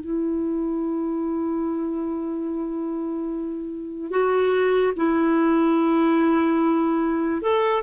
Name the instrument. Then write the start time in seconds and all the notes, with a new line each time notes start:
clarinet
0.00 E4
4.11 F#4
4.96 E4
7.42 A4